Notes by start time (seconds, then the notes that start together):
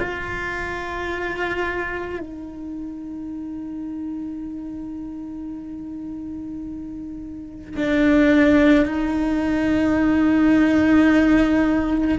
0.00 F4
2.20 D#4
7.77 D4
8.86 D#4